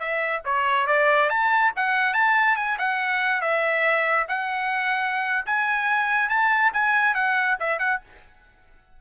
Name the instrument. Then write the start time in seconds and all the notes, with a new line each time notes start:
trumpet
0.00 E5
0.45 C#5
0.87 D5
1.30 A5
1.76 F#5
2.14 A5
2.57 G#5
2.79 F#5
3.42 E5
4.29 F#5
5.47 G#5
6.30 A5
6.73 G#5
7.15 F#5
7.60 E5
7.79 F#5